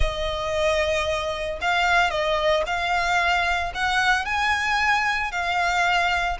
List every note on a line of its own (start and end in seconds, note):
0.00 1.59 D#5
1.61 2.10 F5
2.10 2.63 D#5
2.66 3.72 F5
3.74 4.25 F#5
4.25 5.31 G#5
5.31 6.37 F5